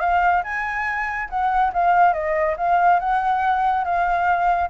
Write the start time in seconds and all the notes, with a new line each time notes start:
0.00 F5
0.44 G#5
1.30 F#5
1.73 F5
2.13 D#5
2.57 F5
2.99 F#5
3.85 F5